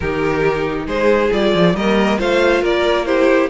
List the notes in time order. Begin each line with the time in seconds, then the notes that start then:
0.00 D#3 D#4 G4 A#4
0.86 G#3 G#4 C5
1.32 G3 F4 D5
1.54 F3
1.74 G3 A#3 A#4 D#5
2.18 A3 F4 C5 F5
2.61 A#3 A#4 D5
3.05 E4 G4 C5